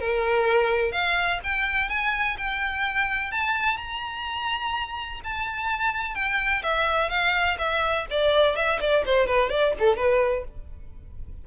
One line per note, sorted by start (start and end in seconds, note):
0.00 0.92 A#4
0.92 1.40 F5
1.44 1.89 G5
1.89 2.37 G#5
2.38 3.32 G5
3.32 3.78 A5
3.78 5.21 A#5
5.24 6.15 A5
6.15 6.63 G5
6.63 7.10 E5
7.10 7.57 F5
7.59 8.06 E5
8.11 8.56 D5
8.56 8.80 E5
8.81 9.05 D5
9.06 9.27 C5
9.27 9.50 B4
9.50 9.74 D5
9.80 9.97 A4
9.97 10.45 B4